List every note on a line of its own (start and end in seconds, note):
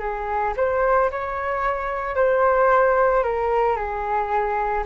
0.00 0.54 G#4
0.57 1.11 C5
1.11 2.16 C#5
2.16 3.24 C5
3.24 3.76 A#4
3.76 4.85 G#4